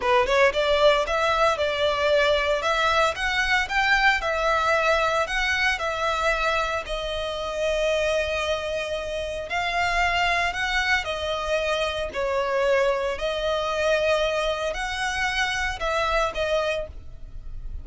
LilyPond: \new Staff \with { instrumentName = "violin" } { \time 4/4 \tempo 4 = 114 b'8 cis''8 d''4 e''4 d''4~ | d''4 e''4 fis''4 g''4 | e''2 fis''4 e''4~ | e''4 dis''2.~ |
dis''2 f''2 | fis''4 dis''2 cis''4~ | cis''4 dis''2. | fis''2 e''4 dis''4 | }